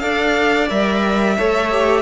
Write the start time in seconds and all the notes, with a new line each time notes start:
0.00 D4 A4 D5 F5
0.70 G3 A#4 E5
1.38 A3 A4 C#5
1.71 G4